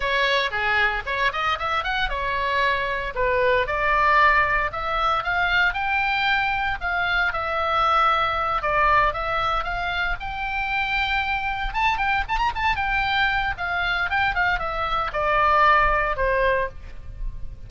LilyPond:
\new Staff \with { instrumentName = "oboe" } { \time 4/4 \tempo 4 = 115 cis''4 gis'4 cis''8 dis''8 e''8 fis''8 | cis''2 b'4 d''4~ | d''4 e''4 f''4 g''4~ | g''4 f''4 e''2~ |
e''8 d''4 e''4 f''4 g''8~ | g''2~ g''8 a''8 g''8 a''16 ais''16 | a''8 g''4. f''4 g''8 f''8 | e''4 d''2 c''4 | }